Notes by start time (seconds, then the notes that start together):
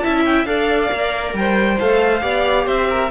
0.00 E4 E5 A5
0.06 C#4
0.26 G5
0.46 D4 A4 D5 F5
0.90 A#3 A#4
1.34 G3 C5 G5
1.80 A3 A4 F5
2.22 B3 G4 D5
2.66 C4 C5 E5
2.90 A#4